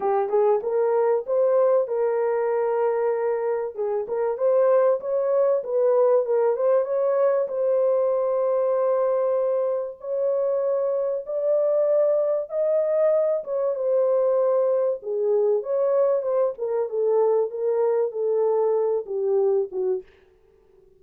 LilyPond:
\new Staff \with { instrumentName = "horn" } { \time 4/4 \tempo 4 = 96 g'8 gis'8 ais'4 c''4 ais'4~ | ais'2 gis'8 ais'8 c''4 | cis''4 b'4 ais'8 c''8 cis''4 | c''1 |
cis''2 d''2 | dis''4. cis''8 c''2 | gis'4 cis''4 c''8 ais'8 a'4 | ais'4 a'4. g'4 fis'8 | }